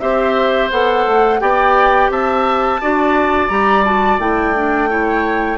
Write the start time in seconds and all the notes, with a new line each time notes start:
0.00 C4 G4 C5 E5
0.71 B3 A4 F#5
1.07 A3
1.41 B3 G4 D5 G5
2.10 C4 E5 A5
2.81 D4 F#4 D5
3.49 G3 G4 A#5
3.85 F#4 A5
4.19 A3 E4 G5
4.56 D4
4.89 E4 C#5